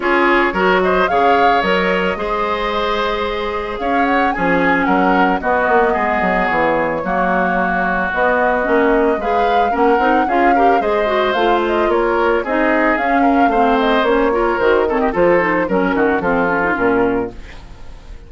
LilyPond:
<<
  \new Staff \with { instrumentName = "flute" } { \time 4/4 \tempo 4 = 111 cis''4. dis''8 f''4 dis''4~ | dis''2. f''8 fis''8 | gis''4 fis''4 dis''2 | cis''2. dis''4~ |
dis''4 f''4 fis''4 f''4 | dis''4 f''8 dis''8 cis''4 dis''4 | f''4. dis''8 cis''4 c''8 cis''16 dis''16 | c''4 ais'4 a'4 ais'4 | }
  \new Staff \with { instrumentName = "oboe" } { \time 4/4 gis'4 ais'8 c''8 cis''2 | c''2. cis''4 | gis'4 ais'4 fis'4 gis'4~ | gis'4 fis'2.~ |
fis'4 b'4 ais'4 gis'8 ais'8 | c''2 ais'4 gis'4~ | gis'8 ais'8 c''4. ais'4 a'16 g'16 | a'4 ais'8 fis'8 f'2 | }
  \new Staff \with { instrumentName = "clarinet" } { \time 4/4 f'4 fis'4 gis'4 ais'4 | gis'1 | cis'2 b2~ | b4 ais2 b4 |
cis'4 gis'4 cis'8 dis'8 f'8 g'8 | gis'8 fis'8 f'2 dis'4 | cis'4 c'4 cis'8 f'8 fis'8 c'8 | f'8 dis'8 cis'4 c'8 cis'16 dis'16 cis'4 | }
  \new Staff \with { instrumentName = "bassoon" } { \time 4/4 cis'4 fis4 cis4 fis4 | gis2. cis'4 | f4 fis4 b8 ais8 gis8 fis8 | e4 fis2 b4 |
ais4 gis4 ais8 c'8 cis'4 | gis4 a4 ais4 c'4 | cis'4 a4 ais4 dis4 | f4 fis8 dis8 f4 ais,4 | }
>>